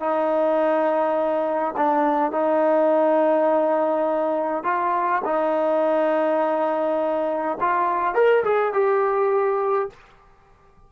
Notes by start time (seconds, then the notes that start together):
0.00 D#4
1.77 D4
2.31 D#4
4.63 F4
5.25 D#4
7.60 F4
8.14 A#4
8.44 G#4
8.73 G4